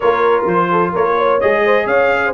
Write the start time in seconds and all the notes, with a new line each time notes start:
0.00 A#3 F4 A#4 C#5
0.45 F3 C5
0.71 A4
0.92 A#3 A#4 C#5
1.17 C#5
1.40 G#3 G#4 D#5
1.64 C5
1.85 C#4 C#5 F5
2.25 C5